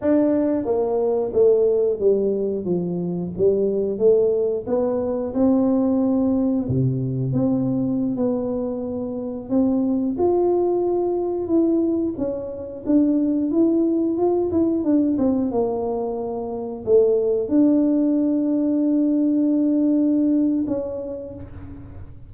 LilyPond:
\new Staff \with { instrumentName = "tuba" } { \time 4/4 \tempo 4 = 90 d'4 ais4 a4 g4 | f4 g4 a4 b4 | c'2 c4 c'4~ | c'16 b2 c'4 f'8.~ |
f'4~ f'16 e'4 cis'4 d'8.~ | d'16 e'4 f'8 e'8 d'8 c'8 ais8.~ | ais4~ ais16 a4 d'4.~ d'16~ | d'2. cis'4 | }